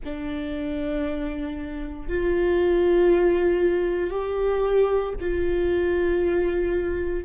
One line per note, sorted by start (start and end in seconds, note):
0.04 2.08 D4
2.08 4.10 F4
4.10 5.13 G4
5.20 7.25 F4